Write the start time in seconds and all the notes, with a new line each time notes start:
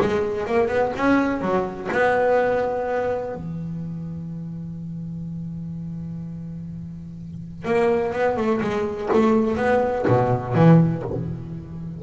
0.00 G#3
0.46 A#3
0.68 B3
0.96 C#4
1.41 F#3
1.91 B3
3.34 E3
7.65 A#3
8.13 B3
8.37 A3
8.61 G#3
9.13 A3
9.57 B3
10.07 B2
10.54 E3